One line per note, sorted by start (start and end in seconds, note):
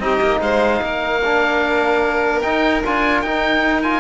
0.00 0.20 C4
0.00 1.22 D#4
0.00 0.42 G4
0.00 0.41 D#5
0.21 0.41 A#3
0.41 0.81 G#3
0.41 0.82 C5
0.41 2.42 F5
0.82 2.43 A#3
0.82 4.01 A#4
1.25 2.43 D4
2.42 2.84 D#4
2.42 2.82 G5
2.86 3.23 D4
2.86 3.26 F4
2.86 3.21 G#5
3.21 4.01 D#4
3.21 3.84 D#4
3.21 3.82 G5
3.83 4.01 F4
3.83 4.01 G#5